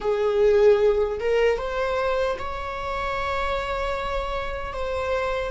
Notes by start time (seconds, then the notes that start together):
0.00 G#4
1.19 A#4
1.58 C5
2.38 C#5
4.73 C5